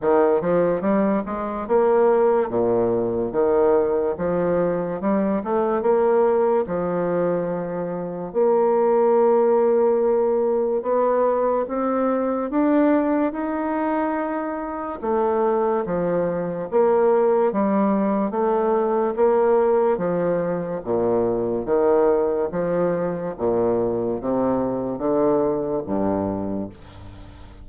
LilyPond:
\new Staff \with { instrumentName = "bassoon" } { \time 4/4 \tempo 4 = 72 dis8 f8 g8 gis8 ais4 ais,4 | dis4 f4 g8 a8 ais4 | f2 ais2~ | ais4 b4 c'4 d'4 |
dis'2 a4 f4 | ais4 g4 a4 ais4 | f4 ais,4 dis4 f4 | ais,4 c4 d4 g,4 | }